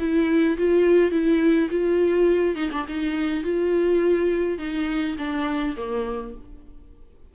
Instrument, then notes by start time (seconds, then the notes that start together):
viola
0.00 E4
0.58 F4
1.11 E4
1.71 F4
2.56 D#4
2.72 D4
2.88 D#4
3.44 F4
4.59 D#4
5.18 D4
5.77 A#3